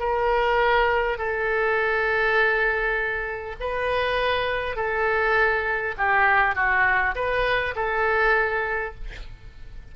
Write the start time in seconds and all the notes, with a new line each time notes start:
0.00 A#4
1.19 A4
3.60 B4
4.76 A4
5.98 G4
6.56 F#4
7.16 B4
7.76 A4